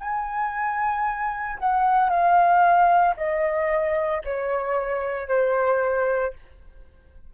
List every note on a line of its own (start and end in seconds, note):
0.00 1.58 G#5
1.58 2.10 F#5
2.10 3.15 F5
3.16 4.22 D#5
4.24 5.28 C#5
5.28 6.33 C5